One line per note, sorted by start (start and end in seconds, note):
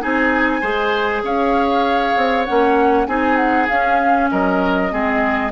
0.00 0.62 C4
0.00 0.61 D#4
0.00 0.60 G#4
0.00 1.23 G#5
0.60 1.23 G#3
0.60 2.46 G#4
0.60 1.22 C5
1.23 2.15 C#4
1.23 3.07 C#5
1.23 2.45 F5
2.16 2.47 C4
2.45 3.07 A#3
2.45 3.07 C#4
2.45 3.06 F#5
3.06 3.68 C4
3.06 3.68 D#4
3.06 4.30 G#4
3.06 3.36 G#5
3.36 3.67 F#5
3.68 4.90 C#4
3.68 4.31 C#4
3.68 4.29 F5
4.30 4.92 F#3
4.30 4.92 A#4
4.30 5.51 D#5
4.90 5.51 G#3
4.90 5.51 C4
4.90 5.51 G#4